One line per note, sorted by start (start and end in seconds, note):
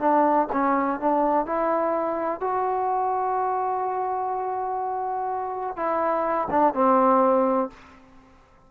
0.00 0.48 D4
0.53 1.00 C#4
1.00 1.46 D4
1.46 2.41 E4
2.41 5.76 F#4
5.76 6.48 E4
6.51 6.74 D4
6.74 7.70 C4